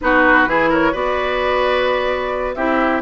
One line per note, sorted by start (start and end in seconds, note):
0.01 0.46 B3
0.01 0.47 D#4
0.01 0.48 F#4
0.01 0.71 B4
0.46 0.92 E3
0.46 0.92 E4
0.46 0.69 G#4
0.69 0.92 A#4
0.69 0.94 C#5
0.92 2.56 B3
0.92 2.55 F#4
0.92 2.55 B4
0.92 2.54 D5
2.54 3.01 C4
2.54 3.01 E4
2.54 3.01 G4
2.54 3.01 E5